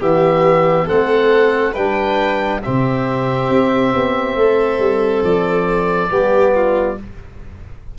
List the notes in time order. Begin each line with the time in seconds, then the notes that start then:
0.00 E3 B3 G4 E5
0.86 A3 C4 A4 F#5
1.73 G3 D4 B4 G5
2.62 C3 C4 G4 E5
3.49 C4
3.93 B3
4.35 A3 A4
4.79 G3
5.23 F3 D5
6.09 G3 B3 G4
6.55 F4